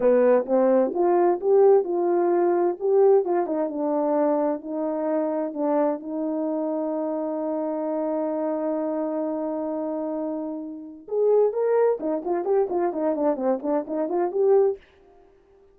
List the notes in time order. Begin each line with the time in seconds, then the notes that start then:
0.00 B3
0.46 C4
0.94 F4
1.40 G4
1.84 F4
2.79 G4
3.24 F4
3.46 D#4
3.69 D4
4.61 D#4
5.53 D4
5.99 D#4
11.07 G#4
11.52 A#4
12.00 D#4
12.24 F4
12.44 G4
12.69 F4
12.92 D#4
13.15 D4
13.36 C4
13.62 D4
13.87 D#4
14.08 F4
14.31 G4